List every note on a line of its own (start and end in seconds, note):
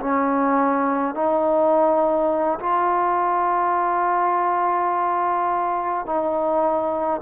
0.00 1.15 C#4
1.15 2.59 D#4
2.60 6.06 F4
6.06 7.21 D#4